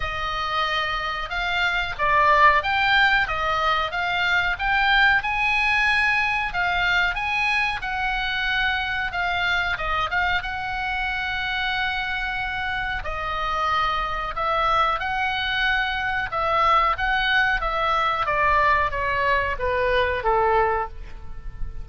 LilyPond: \new Staff \with { instrumentName = "oboe" } { \time 4/4 \tempo 4 = 92 dis''2 f''4 d''4 | g''4 dis''4 f''4 g''4 | gis''2 f''4 gis''4 | fis''2 f''4 dis''8 f''8 |
fis''1 | dis''2 e''4 fis''4~ | fis''4 e''4 fis''4 e''4 | d''4 cis''4 b'4 a'4 | }